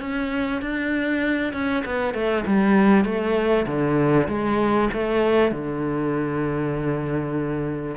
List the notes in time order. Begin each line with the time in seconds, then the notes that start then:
0.00 C#4
0.62 D4
1.53 C#4
1.85 B3
2.13 A3
2.46 G3
3.04 A3
3.66 D3
4.28 G#3
4.93 A3
5.51 D3